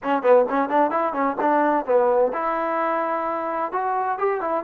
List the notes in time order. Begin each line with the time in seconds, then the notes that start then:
0.03 C#4
0.22 B3
0.49 C#4
0.68 D4
0.90 E4
1.13 C#4
1.41 D4
1.85 B3
2.33 E4
3.72 F#4
4.18 G4
4.41 E4